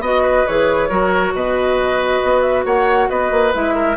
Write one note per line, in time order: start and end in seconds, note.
0.00 0.44 B3
0.00 0.47 F#4
0.00 0.22 D#5
0.00 0.46 D#5
0.22 0.88 B4
0.46 0.90 E3
0.46 0.89 G#4
0.46 1.34 C#5
0.89 1.33 F#3
0.89 3.52 F#4
0.89 1.33 A#4
1.33 2.21 B2
1.33 2.65 B4
1.33 2.41 D#5
2.23 2.65 B3
2.41 2.63 E5
2.65 3.09 A#3
2.65 3.09 C#5
2.65 3.09 F#5
3.09 3.31 B3
3.09 3.74 B4
3.09 3.53 D#5
3.31 3.53 A#3
3.53 3.96 G#3
3.53 3.96 E4
3.53 3.96 E5
3.74 3.96 A#4